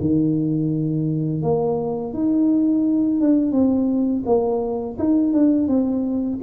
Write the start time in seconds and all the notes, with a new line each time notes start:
0.00 D#3
1.42 A#3
2.13 D#4
3.21 D4
3.52 C4
4.26 A#3
4.98 D#4
5.33 D4
5.68 C4